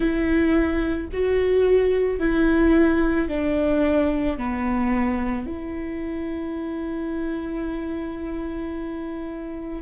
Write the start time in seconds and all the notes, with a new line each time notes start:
0.00 E4
1.12 F#4
2.19 E4
3.28 D4
4.37 B3
5.46 E4